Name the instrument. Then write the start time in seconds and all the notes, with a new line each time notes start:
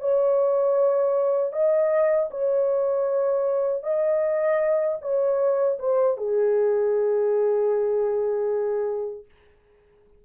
horn
0.00 C#5
1.52 D#5
2.30 C#5
3.83 D#5
5.01 C#5
5.79 C5
6.17 G#4